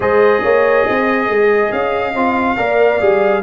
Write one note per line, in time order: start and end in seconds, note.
0.00 0.43 G#3
0.00 2.12 G#4
0.00 0.41 C5
0.00 1.72 D#5
0.42 0.86 A#3
0.42 0.84 C#5
0.84 1.28 C4
0.84 2.55 D#5
1.28 1.71 G#3
1.72 2.14 C#4
1.72 3.43 F5
2.14 2.56 C4
2.14 2.56 F4
2.56 3.01 A#3
2.56 2.99 A#4
2.56 3.43 D5
3.00 3.43 G3
3.00 3.42 G#4